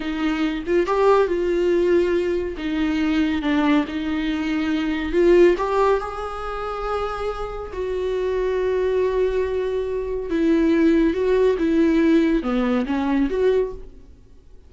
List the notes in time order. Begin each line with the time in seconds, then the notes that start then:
0.00 D#4
0.66 F4
0.86 G4
1.27 F4
2.57 D#4
3.42 D4
3.87 D#4
5.12 F4
5.57 G4
6.00 G#4
7.73 F#4
10.30 E4
11.13 F#4
11.58 E4
12.42 B3
12.86 C#4
13.30 F#4